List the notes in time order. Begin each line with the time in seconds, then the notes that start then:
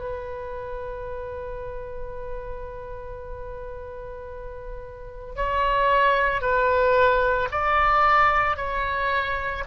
0.00 B4
5.36 C#5
6.41 B4
7.51 D5
8.57 C#5